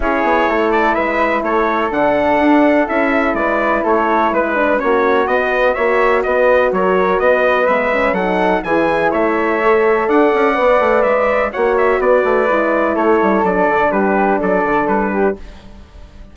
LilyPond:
<<
  \new Staff \with { instrumentName = "trumpet" } { \time 4/4 \tempo 4 = 125 cis''4. d''8 e''4 cis''4 | fis''2 e''4 d''4 | cis''4 b'4 cis''4 dis''4 | e''4 dis''4 cis''4 dis''4 |
e''4 fis''4 gis''4 e''4~ | e''4 fis''2 e''4 | fis''8 e''8 d''2 cis''4 | d''4 b'4 d''4 b'4 | }
  \new Staff \with { instrumentName = "flute" } { \time 4/4 gis'4 a'4 b'4 a'4~ | a'2. b'4 | a'4 b'4 fis'2 | cis''4 b'4 ais'4 b'4~ |
b'4 a'4 gis'4 cis''4~ | cis''4 d''2. | cis''4 b'2 a'4~ | a'4 g'4 a'4. g'8 | }
  \new Staff \with { instrumentName = "horn" } { \time 4/4 e'1 | d'2 e'2~ | e'4. d'8 cis'4 b4 | fis'1 |
b8 cis'8 dis'4 e'2 | a'2 b'2 | fis'2 e'2 | d'1 | }
  \new Staff \with { instrumentName = "bassoon" } { \time 4/4 cis'8 b8 a4 gis4 a4 | d4 d'4 cis'4 gis4 | a4 gis4 ais4 b4 | ais4 b4 fis4 b4 |
gis4 fis4 e4 a4~ | a4 d'8 cis'8 b8 a8 gis4 | ais4 b8 a8 gis4 a8 g8 | fis8 d8 g4 fis8 d8 g4 | }
>>